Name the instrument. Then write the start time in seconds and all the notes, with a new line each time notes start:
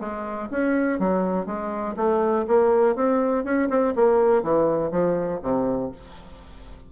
bassoon
0.00 G#3
0.51 C#4
0.99 F#3
1.46 G#3
1.96 A3
2.48 A#3
2.96 C4
3.44 C#4
3.70 C4
3.96 A#3
4.43 E3
4.91 F3
5.42 C3